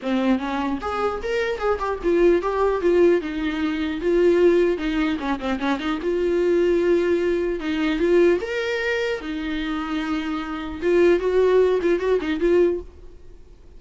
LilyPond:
\new Staff \with { instrumentName = "viola" } { \time 4/4 \tempo 4 = 150 c'4 cis'4 gis'4 ais'4 | gis'8 g'8 f'4 g'4 f'4 | dis'2 f'2 | dis'4 cis'8 c'8 cis'8 dis'8 f'4~ |
f'2. dis'4 | f'4 ais'2 dis'4~ | dis'2. f'4 | fis'4. f'8 fis'8 dis'8 f'4 | }